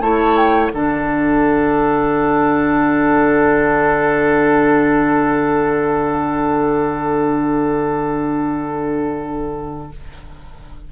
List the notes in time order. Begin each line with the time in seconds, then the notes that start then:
0.00 A3 E4 C#5 A5
0.36 G5
0.68 D3 D4 A4 F#5